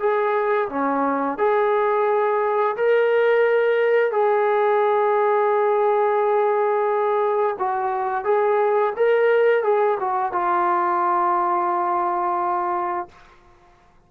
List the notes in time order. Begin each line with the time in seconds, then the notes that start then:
0.00 G#4
0.70 C#4
1.39 G#4
2.77 A#4
4.12 G#4
7.59 F#4
8.25 G#4
8.97 A#4
9.64 G#4
10.00 F#4
10.33 F4